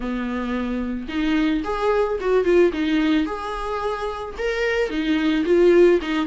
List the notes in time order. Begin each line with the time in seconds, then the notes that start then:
0.00 B3
1.08 D#4
1.64 G#4
2.20 F#4
2.44 F4
2.72 D#4
3.26 G#4
4.38 A#4
4.90 D#4
5.45 F4
6.01 D#4